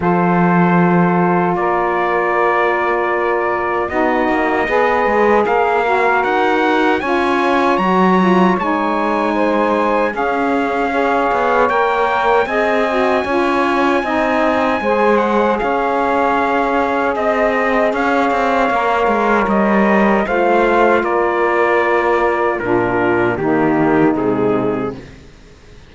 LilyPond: <<
  \new Staff \with { instrumentName = "trumpet" } { \time 4/4 \tempo 4 = 77 c''2 d''2~ | d''4 dis''2 f''4 | fis''4 gis''4 ais''4 gis''4~ | gis''4 f''2 g''4 |
gis''2.~ gis''8 fis''8 | f''2 dis''4 f''4~ | f''4 dis''4 f''4 d''4~ | d''4 ais'4 g'4 gis'4 | }
  \new Staff \with { instrumentName = "saxophone" } { \time 4/4 a'2 ais'2~ | ais'4 fis'4 b'4 ais'4~ | ais'4 cis''2. | c''4 gis'4 cis''2 |
dis''4 cis''4 dis''4 c''4 | cis''2 dis''4 cis''4~ | cis''2 c''4 ais'4~ | ais'4 f'4 dis'2 | }
  \new Staff \with { instrumentName = "saxophone" } { \time 4/4 f'1~ | f'4 dis'4 gis'4. fis'8~ | fis'4 f'4 fis'8 f'8 dis'4~ | dis'4 cis'4 gis'4 ais'4 |
gis'8 fis'8 f'4 dis'4 gis'4~ | gis'1 | ais'2 f'2~ | f'4 d'4 ais4 gis4 | }
  \new Staff \with { instrumentName = "cello" } { \time 4/4 f2 ais2~ | ais4 b8 ais8 b8 gis8 ais4 | dis'4 cis'4 fis4 gis4~ | gis4 cis'4. b8 ais4 |
c'4 cis'4 c'4 gis4 | cis'2 c'4 cis'8 c'8 | ais8 gis8 g4 a4 ais4~ | ais4 ais,4 dis4 c4 | }
>>